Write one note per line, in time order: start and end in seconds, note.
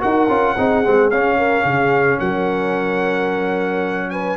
0.00 0.29 D#4
0.00 0.27 F#4
0.00 0.56 A#4
0.00 1.10 F#5
0.29 0.56 C#4
0.29 0.56 F4
0.57 0.86 C4
0.57 0.84 D#4
0.57 1.37 G#4
0.84 1.11 G#3
0.84 1.12 C4
1.10 1.65 C#4
1.10 4.37 C#4
1.10 2.19 F5
1.37 1.64 A#4
1.64 2.19 C#3
1.64 2.19 G#4
2.19 4.37 F#3
2.19 4.10 A#4
2.19 4.10 F#5
4.10 4.37 B4
4.10 4.37 G#5